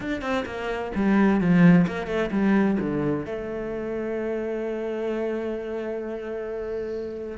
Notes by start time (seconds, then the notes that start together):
0.00 D4
0.21 C4
0.45 A#3
0.95 G3
1.40 F3
1.87 A#3
2.06 A3
2.31 G3
2.79 D3
3.25 A3